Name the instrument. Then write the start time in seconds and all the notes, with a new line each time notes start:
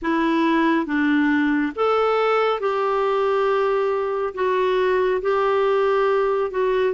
clarinet
0.02 E4
0.85 D4
1.75 A4
2.60 G4
4.34 F#4
5.21 G4
6.50 F#4